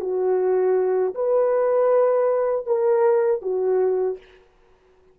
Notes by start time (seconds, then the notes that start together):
0.00 F#4
1.14 B4
2.65 A#4
3.41 F#4